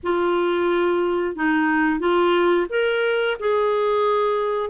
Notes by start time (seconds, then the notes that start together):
0.03 F4
1.35 D#4
1.99 F4
2.69 A#4
3.39 G#4